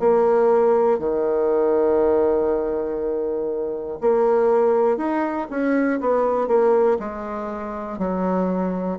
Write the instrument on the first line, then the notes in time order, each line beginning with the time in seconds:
bassoon
0.00 A#3
0.99 D#3
4.01 A#3
4.97 D#4
5.50 C#4
6.00 B3
6.48 A#3
7.00 G#3
7.99 F#3